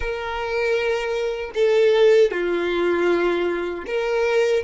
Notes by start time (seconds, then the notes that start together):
0.00 A#4
1.54 A4
2.31 F4
3.86 A#4